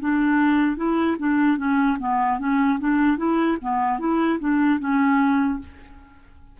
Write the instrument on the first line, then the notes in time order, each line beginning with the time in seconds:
clarinet
0.00 D4
0.77 E4
1.19 D4
1.58 C#4
1.99 B3
2.39 C#4
2.80 D4
3.18 E4
3.61 B3
3.99 E4
4.40 D4
4.80 C#4